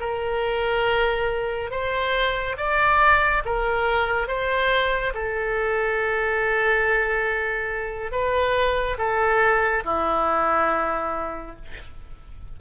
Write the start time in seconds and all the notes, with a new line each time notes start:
0.00 A#4
1.71 C5
2.57 D5
3.45 A#4
4.27 C5
5.14 A4
8.12 B4
8.98 A4
9.84 E4